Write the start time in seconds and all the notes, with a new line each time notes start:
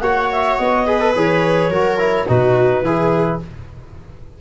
0.00 A#3 F#4 C#5 F#5
0.31 E5
0.57 B3 D#5
0.86 G#4 B4
1.00 A4
1.15 E3 G#4 C#5
1.69 F#3 F#4 A#4
1.98 E4
2.28 B2 D#4 F#4 B4
2.82 E3 E4 G#4